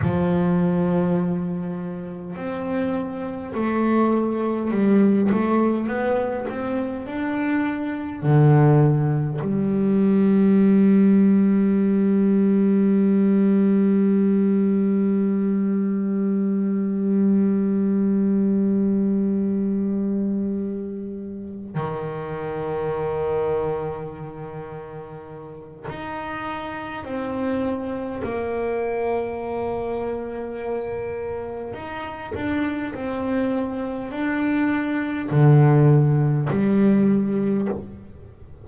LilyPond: \new Staff \with { instrumentName = "double bass" } { \time 4/4 \tempo 4 = 51 f2 c'4 a4 | g8 a8 b8 c'8 d'4 d4 | g1~ | g1~ |
g2~ g8 dis4.~ | dis2 dis'4 c'4 | ais2. dis'8 d'8 | c'4 d'4 d4 g4 | }